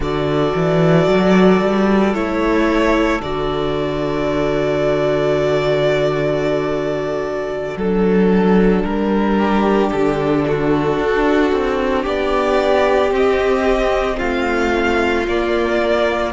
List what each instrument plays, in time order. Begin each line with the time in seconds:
0.00 cello D3, viola F#4, violin A4 D5
0.55 cello E3
1.07 cello F#3
1.61 cello G3
2.14 cello A3, viola E4, violin C#5
3.20 cello D3, viola F#4, violin D5
7.77 cello F#3, viola D4, violin A4
8.83 cello G3, violin A#4
9.38 violin G4
9.90 cello D3, violin A4
10.47 violin F#4
10.98 cello D4
11.52 cello C4
12.02 cello B3, violin G4 D5
13.09 viola C4, cello C4
13.15 violin D#5
14.17 cello A3, violin F4 F5
15.27 cello A#3, viola A#3, violin D5